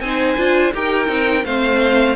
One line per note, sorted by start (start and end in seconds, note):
0.00 0.36 C4
0.00 0.37 D#4
0.00 0.74 C5
0.00 0.72 G#5
0.37 0.73 D4
0.37 0.73 F4
0.74 1.08 D#4
0.74 1.07 G4
0.74 1.45 A#4
0.74 1.45 G5
1.07 1.44 C4
1.07 1.43 D#4
1.45 2.16 A3
1.45 2.16 C4
1.45 2.16 C5
1.45 2.16 F5